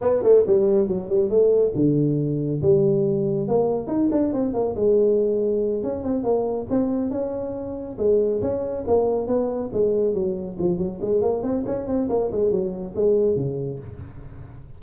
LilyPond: \new Staff \with { instrumentName = "tuba" } { \time 4/4 \tempo 4 = 139 b8 a8 g4 fis8 g8 a4 | d2 g2 | ais4 dis'8 d'8 c'8 ais8 gis4~ | gis4. cis'8 c'8 ais4 c'8~ |
c'8 cis'2 gis4 cis'8~ | cis'8 ais4 b4 gis4 fis8~ | fis8 f8 fis8 gis8 ais8 c'8 cis'8 c'8 | ais8 gis8 fis4 gis4 cis4 | }